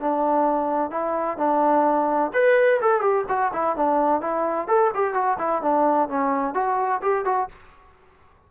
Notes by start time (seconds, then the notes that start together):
0.00 D4
0.91 E4
1.37 D4
2.33 B4
2.81 A4
3.01 G4
3.28 F#4
3.53 E4
3.76 D4
4.21 E4
4.67 A4
4.94 G4
5.13 F#4
5.38 E4
5.62 D4
6.09 C#4
6.54 F#4
7.02 G4
7.25 F#4